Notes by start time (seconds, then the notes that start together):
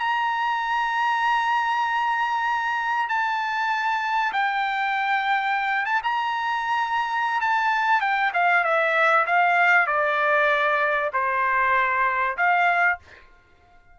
0.00 A#5
3.09 A5
4.33 G5
5.86 A5
6.04 A#5
7.41 A5
8.01 G5
8.34 F5
8.64 E5
9.27 F5
9.87 D5
11.14 C5
12.37 F5